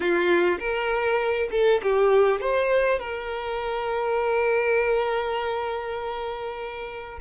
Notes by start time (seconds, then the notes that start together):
0.00 F4
0.59 A#4
1.51 A4
1.82 G4
2.41 C5
2.99 A#4